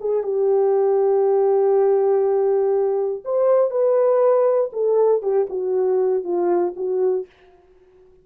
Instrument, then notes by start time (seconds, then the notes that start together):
horn
0.00 G#4
0.23 G4
3.24 C5
3.71 B4
4.72 A4
5.22 G4
5.49 F#4
6.23 F4
6.76 F#4